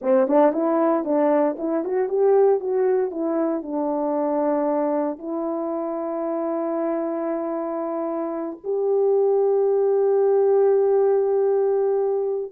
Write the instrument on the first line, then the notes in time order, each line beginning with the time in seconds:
horn
0.01 C4
0.27 D4
0.52 E4
1.04 D4
1.58 E4
1.84 F#4
2.09 G4
2.59 F#4
3.10 E4
3.62 D4
5.18 E4
8.63 G4